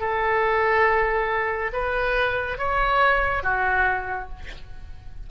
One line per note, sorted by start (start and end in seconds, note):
0.00 1.71 A4
1.72 2.58 B4
2.58 3.43 C#5
3.43 4.29 F#4